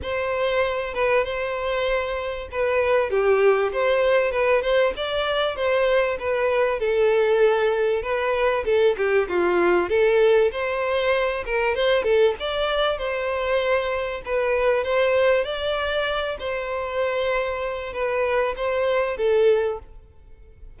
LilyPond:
\new Staff \with { instrumentName = "violin" } { \time 4/4 \tempo 4 = 97 c''4. b'8 c''2 | b'4 g'4 c''4 b'8 c''8 | d''4 c''4 b'4 a'4~ | a'4 b'4 a'8 g'8 f'4 |
a'4 c''4. ais'8 c''8 a'8 | d''4 c''2 b'4 | c''4 d''4. c''4.~ | c''4 b'4 c''4 a'4 | }